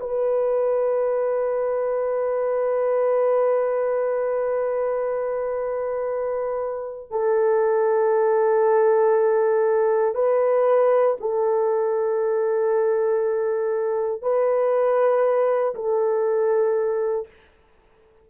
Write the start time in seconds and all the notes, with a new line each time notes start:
0.00 B4
7.11 A4
10.15 B4
11.20 A4
14.22 B4
15.75 A4